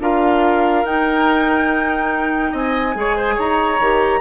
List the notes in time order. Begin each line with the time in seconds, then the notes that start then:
0.00 D4 F4 A#4 F5
0.84 D#4 G5
2.52 C4 D#5 G#5
2.94 G#3 G#4 C#5
3.16 C5
3.35 D#4 C#5 A#5
3.80 D#3 G4